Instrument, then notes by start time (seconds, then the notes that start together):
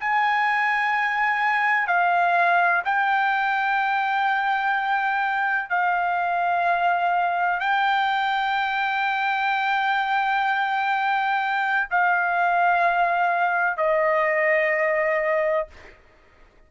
trumpet
0.00 G#5
1.87 F5
2.85 G5
5.70 F5
7.60 G5
11.90 F5
13.77 D#5